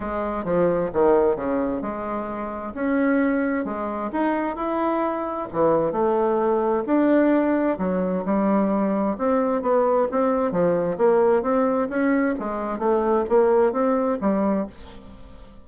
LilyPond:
\new Staff \with { instrumentName = "bassoon" } { \time 4/4 \tempo 4 = 131 gis4 f4 dis4 cis4 | gis2 cis'2 | gis4 dis'4 e'2 | e4 a2 d'4~ |
d'4 fis4 g2 | c'4 b4 c'4 f4 | ais4 c'4 cis'4 gis4 | a4 ais4 c'4 g4 | }